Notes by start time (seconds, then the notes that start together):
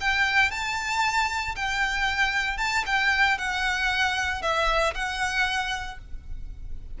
0.00 G5
0.50 A5
1.55 G5
2.57 A5
2.86 G5
3.37 F#5
4.41 E5
4.94 F#5